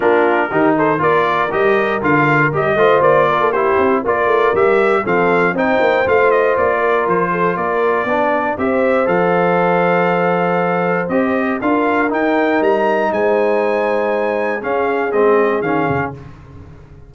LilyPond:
<<
  \new Staff \with { instrumentName = "trumpet" } { \time 4/4 \tempo 4 = 119 ais'4. c''8 d''4 dis''4 | f''4 dis''4 d''4 c''4 | d''4 e''4 f''4 g''4 | f''8 dis''8 d''4 c''4 d''4~ |
d''4 e''4 f''2~ | f''2 dis''4 f''4 | g''4 ais''4 gis''2~ | gis''4 f''4 dis''4 f''4 | }
  \new Staff \with { instrumentName = "horn" } { \time 4/4 f'4 g'8 a'8 ais'2~ | ais'4. c''4 ais'16 a'16 g'4 | ais'2 a'4 c''4~ | c''4. ais'4 a'8 ais'4 |
d''4 c''2.~ | c''2. ais'4~ | ais'2 c''2~ | c''4 gis'2. | }
  \new Staff \with { instrumentName = "trombone" } { \time 4/4 d'4 dis'4 f'4 g'4 | f'4 g'8 f'4. e'4 | f'4 g'4 c'4 dis'4 | f'1 |
d'4 g'4 a'2~ | a'2 g'4 f'4 | dis'1~ | dis'4 cis'4 c'4 cis'4 | }
  \new Staff \with { instrumentName = "tuba" } { \time 4/4 ais4 dis4 ais4 g4 | d4 g8 a8 ais4. c'8 | ais8 a8 g4 f4 c'8 ais8 | a4 ais4 f4 ais4 |
b4 c'4 f2~ | f2 c'4 d'4 | dis'4 g4 gis2~ | gis4 cis'4 gis4 dis8 cis8 | }
>>